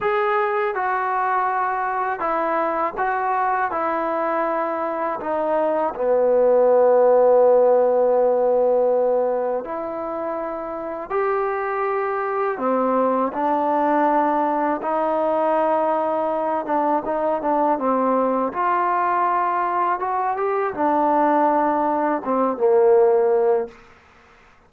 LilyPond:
\new Staff \with { instrumentName = "trombone" } { \time 4/4 \tempo 4 = 81 gis'4 fis'2 e'4 | fis'4 e'2 dis'4 | b1~ | b4 e'2 g'4~ |
g'4 c'4 d'2 | dis'2~ dis'8 d'8 dis'8 d'8 | c'4 f'2 fis'8 g'8 | d'2 c'8 ais4. | }